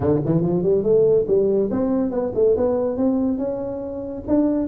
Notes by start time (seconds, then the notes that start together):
0.00 D3
0.25 E3
0.41 F3
0.62 G3
0.83 A3
1.27 G3
1.70 C4
2.10 B3
2.34 A3
2.56 B3
2.97 C4
3.37 C#4
4.27 D4